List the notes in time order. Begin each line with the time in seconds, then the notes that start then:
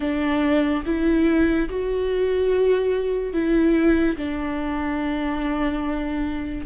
0.00 D4
0.85 E4
1.69 F#4
3.33 E4
4.17 D4